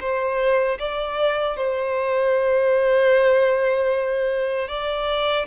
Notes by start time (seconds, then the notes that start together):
0.00 C5
0.79 D5
1.57 C5
4.68 D5